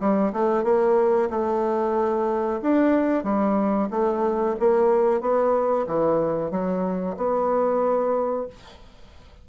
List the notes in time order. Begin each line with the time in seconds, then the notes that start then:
0.00 G3
0.33 A3
0.64 A#3
1.30 A3
2.62 D4
3.24 G3
3.91 A3
4.60 A#3
5.21 B3
5.87 E3
6.51 F#3
7.17 B3